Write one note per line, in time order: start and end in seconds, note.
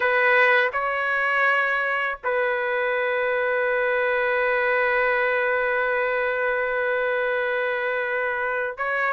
0.00 0.71 B4
0.72 2.19 C#5
2.24 8.77 B4
8.77 9.13 C#5